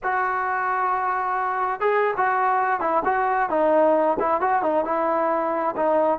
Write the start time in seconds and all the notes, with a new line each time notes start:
0.03 F#4
1.80 G#4
2.17 F#4
2.80 E4
3.05 F#4
3.49 D#4
4.19 E4
4.40 F#4
4.62 D#4
4.85 E4
5.76 D#4